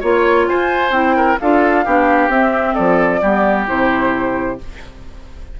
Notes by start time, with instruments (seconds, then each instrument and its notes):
0.00 bassoon A#3, clarinet F4, oboe C#5, flute C#5
0.48 bassoon F4, oboe C5, flute G#5
0.90 bassoon C4, clarinet E4, flute G5
1.16 oboe A#4
1.40 bassoon D4, clarinet F4, oboe A4, flute F5
1.85 bassoon B3, clarinet D4, oboe G4
2.28 bassoon C4, clarinet C4, flute E5
2.74 bassoon F3, oboe A4, flute D5
3.21 bassoon G3, clarinet B3, oboe G4
3.67 bassoon C3, clarinet E4, flute C5